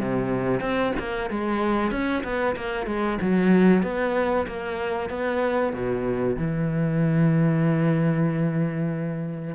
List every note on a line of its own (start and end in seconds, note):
0.00 0.61 C3
0.61 0.93 C4
0.99 1.31 A#3
1.31 1.91 G#3
1.91 2.23 C#4
2.24 2.56 B3
2.56 2.87 A#3
2.87 3.19 G#3
3.21 3.83 F#3
3.83 4.47 B3
4.47 5.10 A#3
5.10 5.74 B3
5.74 6.37 B2
6.37 9.55 E3